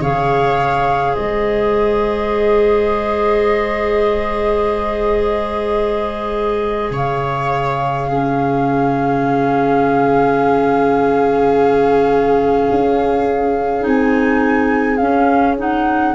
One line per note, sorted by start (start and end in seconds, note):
0.00 1.15 C#3
0.00 8.09 G#4
0.00 1.14 C#5
0.00 1.15 F5
1.14 6.90 G#3
1.14 6.91 C5
1.14 6.92 D#5
6.90 12.67 C#3
6.90 8.08 C#5
6.90 13.86 F5
8.09 13.81 C#4
8.09 16.15 G#4
12.71 13.86 C#4
13.81 15.00 C4
13.81 14.96 D#4
13.81 14.97 G#5
14.97 16.15 C#4
14.97 15.58 C#4
14.97 15.55 F5
15.58 16.15 D#4
15.58 16.15 F#5